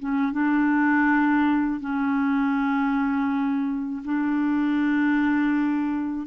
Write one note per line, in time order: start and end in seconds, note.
0.00 0.33 C#4
0.33 1.81 D4
1.81 4.03 C#4
4.05 6.27 D4